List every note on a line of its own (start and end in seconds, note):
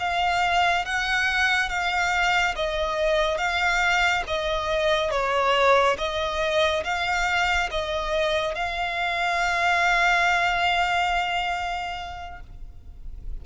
0.00 0.85 F5
0.85 1.69 F#5
1.69 2.55 F5
2.56 3.38 D#5
3.38 4.24 F5
4.27 5.11 D#5
5.11 5.97 C#5
5.98 6.84 D#5
6.85 7.70 F5
7.71 8.55 D#5
8.55 12.41 F5